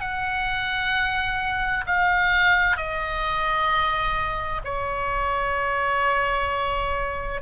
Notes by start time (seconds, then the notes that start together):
0.00 F#5
1.86 F5
2.77 D#5
4.64 C#5